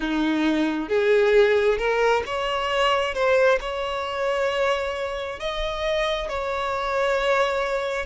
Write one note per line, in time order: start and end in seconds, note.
0.00 0.88 D#4
0.88 1.77 G#4
1.77 2.22 A#4
2.26 3.14 C#5
3.14 3.59 C5
3.60 5.39 C#5
5.39 6.28 D#5
6.28 8.05 C#5